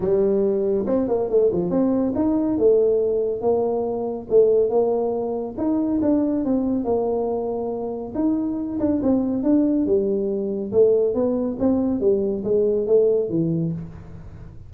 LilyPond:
\new Staff \with { instrumentName = "tuba" } { \time 4/4 \tempo 4 = 140 g2 c'8 ais8 a8 f8 | c'4 dis'4 a2 | ais2 a4 ais4~ | ais4 dis'4 d'4 c'4 |
ais2. dis'4~ | dis'8 d'8 c'4 d'4 g4~ | g4 a4 b4 c'4 | g4 gis4 a4 e4 | }